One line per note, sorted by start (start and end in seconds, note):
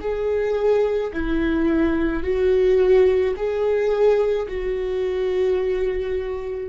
0.00 1.11 G#4
1.13 2.23 E4
2.23 3.34 F#4
3.36 4.47 G#4
4.47 6.68 F#4